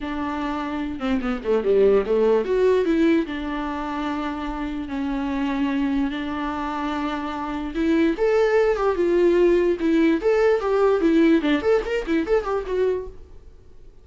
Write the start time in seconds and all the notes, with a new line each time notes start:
0.00 D4
0.99 C4
1.21 B3
1.44 A3
1.63 G3
2.06 A3
2.44 F#4
2.85 E4
3.26 D4
4.88 C#4
6.10 D4
7.75 E4
8.17 A4
8.76 G4
8.95 F4
9.80 E4
10.21 A4
10.60 G4
11.00 E4
11.41 D4
11.62 A4
11.85 A#4
12.06 E4
12.26 A4
12.44 G4
12.66 F#4